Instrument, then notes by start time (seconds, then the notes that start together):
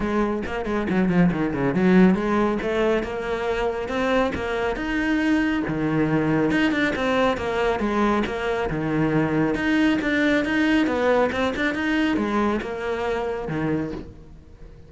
cello
0.00 G#3
0.45 A#3
0.65 G#3
0.89 F#3
1.08 F3
1.31 D#3
1.53 C#3
1.74 F#3
2.14 G#3
2.61 A3
3.03 A#3
3.88 C4
4.35 A#3
4.75 D#4
5.68 D#3
6.50 D#4
6.71 D4
6.95 C4
7.37 A#3
7.79 G#3
8.26 A#3
8.70 D#3
9.54 D#4
10.01 D4
10.44 D#4
10.86 B3
11.32 C4
11.56 D4
11.74 D#4
12.17 G#3
12.61 A#3
13.48 D#3